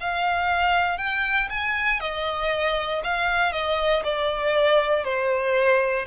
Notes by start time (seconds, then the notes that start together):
0.00 F5
0.98 G5
1.49 G#5
2.00 D#5
3.04 F5
3.52 D#5
4.04 D5
5.04 C5